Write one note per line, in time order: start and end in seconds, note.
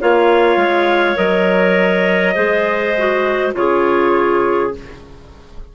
0.00 0.56 A#3
0.00 1.15 F4
0.00 2.34 C#5
0.00 1.17 F5
0.56 1.15 G#3
1.15 2.35 F#3
1.15 2.33 A#4
1.15 3.52 D#5
2.34 3.54 G#3
2.34 2.94 G#4
2.34 3.52 C5
2.98 3.53 F#4
3.53 4.72 C#3
3.53 4.71 F4
3.53 4.75 G#4
3.53 4.73 C#5